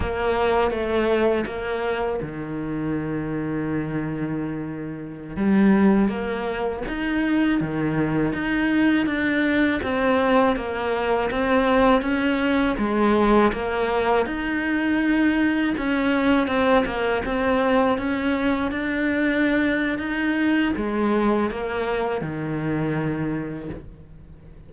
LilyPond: \new Staff \with { instrumentName = "cello" } { \time 4/4 \tempo 4 = 81 ais4 a4 ais4 dis4~ | dis2.~ dis16 g8.~ | g16 ais4 dis'4 dis4 dis'8.~ | dis'16 d'4 c'4 ais4 c'8.~ |
c'16 cis'4 gis4 ais4 dis'8.~ | dis'4~ dis'16 cis'4 c'8 ais8 c'8.~ | c'16 cis'4 d'4.~ d'16 dis'4 | gis4 ais4 dis2 | }